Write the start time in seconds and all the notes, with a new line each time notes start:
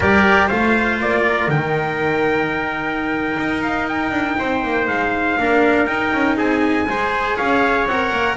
0.00 G3 G4 A#4 D5
0.47 A3 F4 C5 F5
1.00 A#3 D5
1.28 A#4
1.48 D#3 D#4 G5
3.37 D#4
3.62 F5
3.88 G5
4.11 D4
4.38 C4 C5
4.63 A#3
4.87 G#3 F5
5.38 A#3 D4 A#4
5.86 D#4 G5
6.12 C#4
6.37 C4 G#4 G#5
6.88 G#3 G#4 C5
7.36 C#4 C#5 F5
7.85 C4 A#4 F#5
8.12 A#3